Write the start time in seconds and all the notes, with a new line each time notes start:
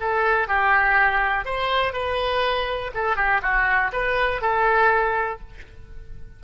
0.00 A4
0.48 G4
1.45 C5
1.93 B4
2.94 A4
3.16 G4
3.42 F#4
3.93 B4
4.42 A4